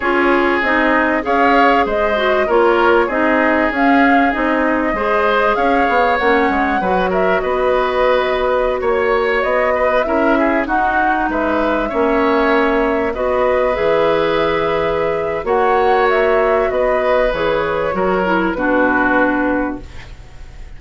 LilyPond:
<<
  \new Staff \with { instrumentName = "flute" } { \time 4/4 \tempo 4 = 97 cis''4 dis''4 f''4 dis''4 | cis''4 dis''4 f''4 dis''4~ | dis''4 f''4 fis''4. e''8 | dis''2~ dis''16 cis''4 dis''8.~ |
dis''16 e''4 fis''4 e''4.~ e''16~ | e''4~ e''16 dis''4 e''4.~ e''16~ | e''4 fis''4 e''4 dis''4 | cis''2 b'2 | }
  \new Staff \with { instrumentName = "oboe" } { \time 4/4 gis'2 cis''4 c''4 | ais'4 gis'2. | c''4 cis''2 b'8 ais'8 | b'2~ b'16 cis''4. b'16~ |
b'16 ais'8 gis'8 fis'4 b'4 cis''8.~ | cis''4~ cis''16 b'2~ b'8.~ | b'4 cis''2 b'4~ | b'4 ais'4 fis'2 | }
  \new Staff \with { instrumentName = "clarinet" } { \time 4/4 f'4 dis'4 gis'4. fis'8 | f'4 dis'4 cis'4 dis'4 | gis'2 cis'4 fis'4~ | fis'1~ |
fis'16 e'4 dis'2 cis'8.~ | cis'4~ cis'16 fis'4 gis'4.~ gis'16~ | gis'4 fis'2. | gis'4 fis'8 e'8 d'2 | }
  \new Staff \with { instrumentName = "bassoon" } { \time 4/4 cis'4 c'4 cis'4 gis4 | ais4 c'4 cis'4 c'4 | gis4 cis'8 b8 ais8 gis8 fis4 | b2~ b16 ais4 b8.~ |
b16 cis'4 dis'4 gis4 ais8.~ | ais4~ ais16 b4 e4.~ e16~ | e4 ais2 b4 | e4 fis4 b,2 | }
>>